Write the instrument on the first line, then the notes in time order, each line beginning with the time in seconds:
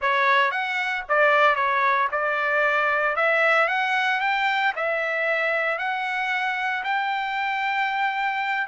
trumpet
0.01 C#5
0.51 F#5
1.08 D5
1.55 C#5
2.11 D5
3.16 E5
3.67 F#5
4.20 G5
4.76 E5
5.78 F#5
6.84 G5